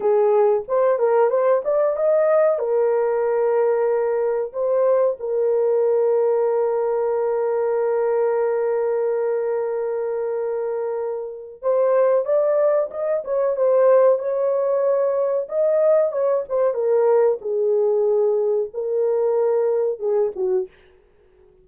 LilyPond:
\new Staff \with { instrumentName = "horn" } { \time 4/4 \tempo 4 = 93 gis'4 c''8 ais'8 c''8 d''8 dis''4 | ais'2. c''4 | ais'1~ | ais'1~ |
ais'2 c''4 d''4 | dis''8 cis''8 c''4 cis''2 | dis''4 cis''8 c''8 ais'4 gis'4~ | gis'4 ais'2 gis'8 fis'8 | }